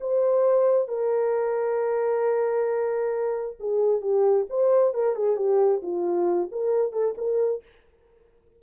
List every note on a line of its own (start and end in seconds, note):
0.00 0.88 C5
0.88 3.56 A#4
3.59 4.01 G#4
4.01 4.46 G4
4.49 4.94 C5
4.94 5.15 A#4
5.15 5.36 G#4
5.36 5.80 G4
5.82 6.49 F4
6.51 6.92 A#4
6.92 7.14 A4
7.17 7.62 A#4